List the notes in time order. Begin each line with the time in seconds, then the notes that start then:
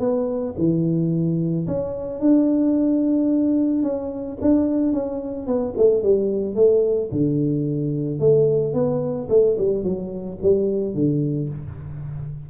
0.00 B3
0.58 E3
1.67 C#4
2.20 D4
3.83 C#4
4.42 D4
4.93 C#4
5.47 B3
5.78 A3
6.03 G3
6.56 A3
7.12 D3
8.20 A3
8.74 B3
9.30 A3
9.59 G3
9.84 F#3
10.42 G3
10.95 D3